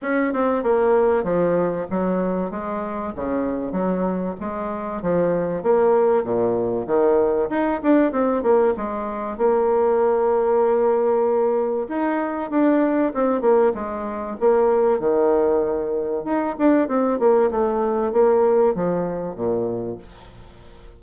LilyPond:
\new Staff \with { instrumentName = "bassoon" } { \time 4/4 \tempo 4 = 96 cis'8 c'8 ais4 f4 fis4 | gis4 cis4 fis4 gis4 | f4 ais4 ais,4 dis4 | dis'8 d'8 c'8 ais8 gis4 ais4~ |
ais2. dis'4 | d'4 c'8 ais8 gis4 ais4 | dis2 dis'8 d'8 c'8 ais8 | a4 ais4 f4 ais,4 | }